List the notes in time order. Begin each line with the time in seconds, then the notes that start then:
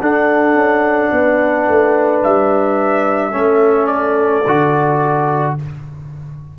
0.00 D4 A4 F#5
0.54 C#4
1.11 B3 B4
1.68 A3
2.23 G3 E5
3.31 A3 C#4 A4
3.86 D5
4.46 D3 F#4